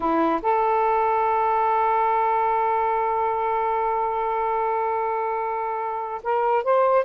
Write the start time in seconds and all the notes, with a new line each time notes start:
0.00 E4
0.42 A4
6.23 A#4
6.63 C5